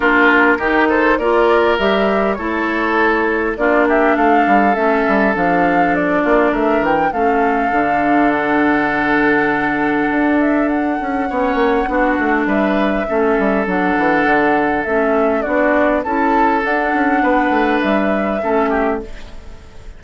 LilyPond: <<
  \new Staff \with { instrumentName = "flute" } { \time 4/4 \tempo 4 = 101 ais'4. c''8 d''4 e''4 | cis''2 d''8 e''8 f''4 | e''4 f''4 d''4 e''8 g''8 | f''2 fis''2~ |
fis''4. e''8 fis''2~ | fis''4 e''2 fis''4~ | fis''4 e''4 d''4 a''4 | fis''2 e''2 | }
  \new Staff \with { instrumentName = "oboe" } { \time 4/4 f'4 g'8 a'8 ais'2 | a'2 f'8 g'8 a'4~ | a'2~ a'8 f'8 ais'4 | a'1~ |
a'2. cis''4 | fis'4 b'4 a'2~ | a'2 fis'4 a'4~ | a'4 b'2 a'8 g'8 | }
  \new Staff \with { instrumentName = "clarinet" } { \time 4/4 d'4 dis'4 f'4 g'4 | e'2 d'2 | cis'4 d'2. | cis'4 d'2.~ |
d'2. cis'4 | d'2 cis'4 d'4~ | d'4 cis'4 d'4 e'4 | d'2. cis'4 | }
  \new Staff \with { instrumentName = "bassoon" } { \time 4/4 ais4 dis4 ais4 g4 | a2 ais4 a8 g8 | a8 g8 f4. ais8 a8 e8 | a4 d2.~ |
d4 d'4. cis'8 b8 ais8 | b8 a8 g4 a8 g8 fis8 e8 | d4 a4 b4 cis'4 | d'8 cis'8 b8 a8 g4 a4 | }
>>